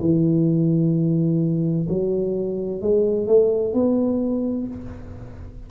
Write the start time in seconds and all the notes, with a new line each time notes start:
0.00 E3
1.89 F#3
2.81 G#3
3.27 A3
3.74 B3